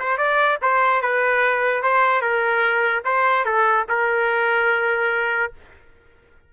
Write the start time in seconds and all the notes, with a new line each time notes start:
0.00 C5
0.18 D5
0.62 C5
1.02 B4
1.83 C5
2.22 A#4
3.05 C5
3.46 A4
3.89 A#4